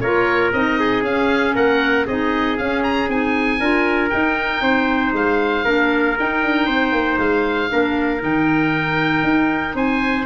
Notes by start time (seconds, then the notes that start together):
0.00 A#3 F4 A#4 C#5
0.53 C4 D#4 D#5
0.79 G#4
1.02 C#4 F5
1.54 A#3 A#4 F#5
2.06 C4 D#4 G#4 D#5
2.57 C#4 F5
2.83 A#5
3.08 C4 D#4 G#5
3.59 D4 F4 A#4
4.10 D#4 G5
4.61 C4 C5
5.12 G#3 F5
5.64 A#3 D4 A#4
6.19 D#4 G5
6.43 D4
6.66 C4 C5
6.92 A#3
7.18 G#3 F5
7.69 A#3 D4 A#4
8.19 D#3 D#4 G5
9.23 D#4
9.74 C4 C5 G#5